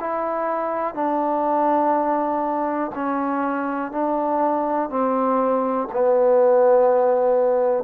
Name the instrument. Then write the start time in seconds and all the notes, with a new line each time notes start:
trombone
0.00 E4
0.94 D4
2.95 C#4
3.91 D4
4.90 C4
5.92 B3